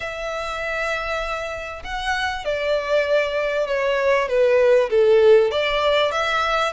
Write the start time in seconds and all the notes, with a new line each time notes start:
0.00 E5
1.83 F#5
2.44 D5
3.67 C#5
4.28 B4
4.90 A4
5.51 D5
6.11 E5